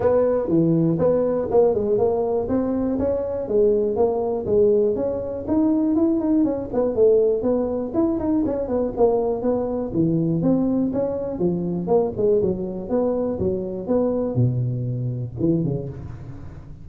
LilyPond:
\new Staff \with { instrumentName = "tuba" } { \time 4/4 \tempo 4 = 121 b4 e4 b4 ais8 gis8 | ais4 c'4 cis'4 gis4 | ais4 gis4 cis'4 dis'4 | e'8 dis'8 cis'8 b8 a4 b4 |
e'8 dis'8 cis'8 b8 ais4 b4 | e4 c'4 cis'4 f4 | ais8 gis8 fis4 b4 fis4 | b4 b,2 e8 cis8 | }